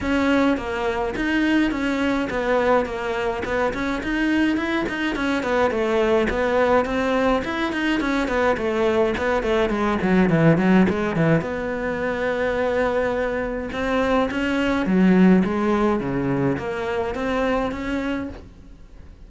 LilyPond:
\new Staff \with { instrumentName = "cello" } { \time 4/4 \tempo 4 = 105 cis'4 ais4 dis'4 cis'4 | b4 ais4 b8 cis'8 dis'4 | e'8 dis'8 cis'8 b8 a4 b4 | c'4 e'8 dis'8 cis'8 b8 a4 |
b8 a8 gis8 fis8 e8 fis8 gis8 e8 | b1 | c'4 cis'4 fis4 gis4 | cis4 ais4 c'4 cis'4 | }